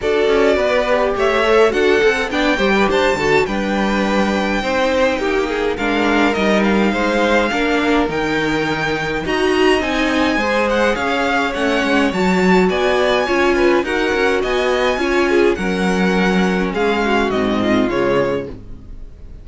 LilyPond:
<<
  \new Staff \with { instrumentName = "violin" } { \time 4/4 \tempo 4 = 104 d''2 e''4 fis''4 | g''4 a''4 g''2~ | g''2 f''4 dis''8 f''8~ | f''2 g''2 |
ais''4 gis''4. fis''8 f''4 | fis''4 a''4 gis''2 | fis''4 gis''2 fis''4~ | fis''4 f''4 dis''4 cis''4 | }
  \new Staff \with { instrumentName = "violin" } { \time 4/4 a'4 b'4 cis''4 a'4 | d''8 c''16 b'16 c''8 a'8 b'2 | c''4 g'8 gis'8 ais'2 | c''4 ais'2. |
dis''2 c''4 cis''4~ | cis''2 d''4 cis''8 b'8 | ais'4 dis''4 cis''8 gis'8 ais'4~ | ais'4 gis'8 fis'4 f'4. | }
  \new Staff \with { instrumentName = "viola" } { \time 4/4 fis'4. g'4 a'8 fis'8 a'8 | d'8 g'4 fis'8 d'2 | dis'2 d'4 dis'4~ | dis'4 d'4 dis'2 |
fis'4 dis'4 gis'2 | cis'4 fis'2 f'4 | fis'2 f'4 cis'4~ | cis'2 c'4 gis4 | }
  \new Staff \with { instrumentName = "cello" } { \time 4/4 d'8 cis'8 b4 a4 d'8 c'8 | b8 g8 d'8 d8 g2 | c'4 ais4 gis4 g4 | gis4 ais4 dis2 |
dis'4 c'4 gis4 cis'4 | a8 gis8 fis4 b4 cis'4 | dis'8 cis'8 b4 cis'4 fis4~ | fis4 gis4 gis,4 cis4 | }
>>